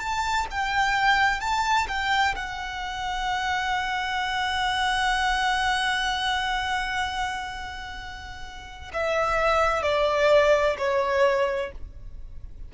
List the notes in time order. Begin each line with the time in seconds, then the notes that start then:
0.00 A5
0.51 G5
1.41 A5
1.88 G5
2.36 F#5
8.94 E5
9.83 D5
10.78 C#5